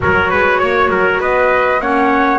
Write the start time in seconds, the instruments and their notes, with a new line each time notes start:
0.00 double bass F#3, clarinet F#4, trumpet A#4, flute C#5
0.30 double bass G#3, trumpet B4
0.58 double bass A#3, trumpet C#5
0.89 double bass F#3, trumpet A#4
1.20 double bass B3, trumpet B4, flute D#5
1.79 double bass A#3, clarinet C#4, trumpet C#5, flute F#5